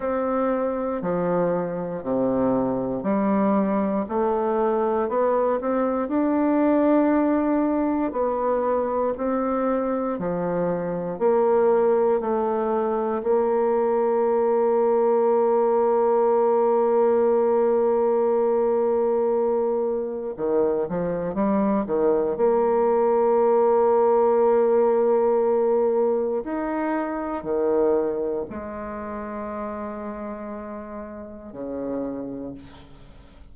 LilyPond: \new Staff \with { instrumentName = "bassoon" } { \time 4/4 \tempo 4 = 59 c'4 f4 c4 g4 | a4 b8 c'8 d'2 | b4 c'4 f4 ais4 | a4 ais2.~ |
ais1 | dis8 f8 g8 dis8 ais2~ | ais2 dis'4 dis4 | gis2. cis4 | }